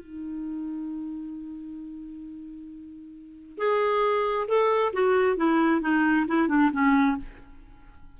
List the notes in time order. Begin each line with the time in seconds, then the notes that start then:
0.00 D#4
3.58 G#4
4.48 A4
4.93 F#4
5.37 E4
5.81 D#4
6.28 E4
6.48 D4
6.72 C#4